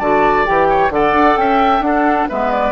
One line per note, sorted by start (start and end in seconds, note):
0.00 0.46 D3
0.00 0.46 F#4
0.00 0.68 D5
0.00 0.46 A5
0.46 0.90 E3
0.46 0.91 G4
0.46 0.92 G5
0.69 0.92 C#5
0.90 1.13 D3
0.90 1.83 A4
0.90 1.40 D5
0.90 1.37 F#5
1.13 1.36 D4
1.37 1.81 C#4
1.37 1.86 E5
1.37 1.82 G5
1.81 2.26 D4
1.81 2.30 D4
1.81 2.29 A4
1.81 2.28 F#5
2.29 2.72 G#3
2.29 2.72 B3
2.29 2.72 B4
2.29 2.52 E5
2.52 2.72 D5